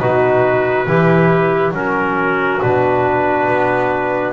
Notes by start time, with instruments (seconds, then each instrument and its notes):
0.00 double bass B2, trombone D#4, clarinet F#4, trumpet B4
0.87 double bass E3, trombone E4, clarinet G4
1.72 double bass F#3, trombone C#4, clarinet F#4, trumpet A#4
2.61 double bass B2, trombone D4, trumpet B4
3.48 double bass B3